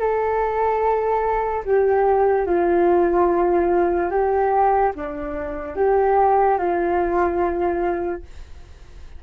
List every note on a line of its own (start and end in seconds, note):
0.00 1.64 A4
1.65 2.46 G4
2.46 4.11 F4
4.11 4.93 G4
4.95 5.76 D4
5.76 6.58 G4
6.58 8.23 F4